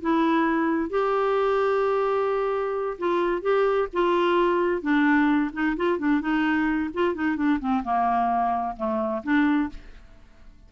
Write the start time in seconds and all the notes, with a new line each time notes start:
0.00 E4
0.90 G4
2.98 F4
3.42 G4
3.93 F4
4.81 D4
5.53 D#4
5.76 F4
5.98 D4
6.21 D#4
6.93 F4
7.14 D#4
7.36 D4
7.60 C4
7.84 A#3
8.76 A3
9.23 D4